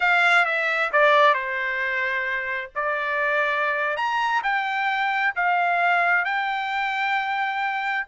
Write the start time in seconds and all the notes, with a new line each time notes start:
0.00 F5
0.45 E5
0.92 D5
1.34 C5
2.75 D5
3.96 A#5
4.43 G5
5.35 F5
6.24 G5